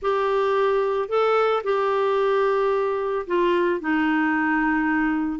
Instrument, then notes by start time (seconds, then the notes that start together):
clarinet
0.01 G4
1.08 A4
1.63 G4
3.26 F4
3.80 D#4